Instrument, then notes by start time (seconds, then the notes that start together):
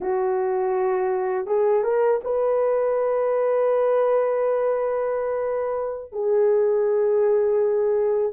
horn
0.00 F#4
1.46 G#4
1.83 A#4
2.24 B4
6.12 G#4